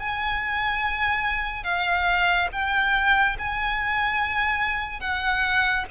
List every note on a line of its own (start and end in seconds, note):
0.00 1.64 G#5
1.64 2.49 F5
2.52 3.37 G5
3.39 5.01 G#5
5.01 5.85 F#5